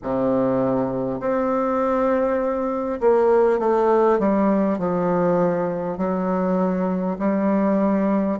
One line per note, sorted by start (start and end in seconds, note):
0.02 1.20 C3
1.20 3.00 C4
3.00 3.59 A#3
3.59 4.19 A3
4.19 4.78 G3
4.78 5.97 F3
5.97 7.17 F#3
7.18 8.38 G3